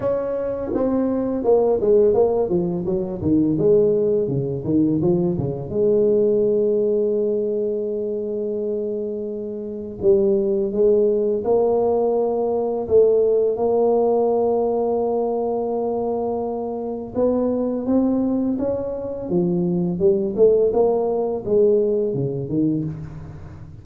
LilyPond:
\new Staff \with { instrumentName = "tuba" } { \time 4/4 \tempo 4 = 84 cis'4 c'4 ais8 gis8 ais8 f8 | fis8 dis8 gis4 cis8 dis8 f8 cis8 | gis1~ | gis2 g4 gis4 |
ais2 a4 ais4~ | ais1 | b4 c'4 cis'4 f4 | g8 a8 ais4 gis4 cis8 dis8 | }